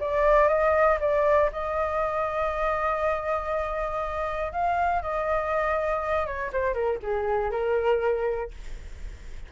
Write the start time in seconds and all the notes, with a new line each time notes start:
0.00 D5
0.48 D#5
1.00 D5
1.52 D#5
4.52 F5
5.02 D#5
6.26 C#5
6.52 C5
6.74 A#4
7.02 G#4
7.51 A#4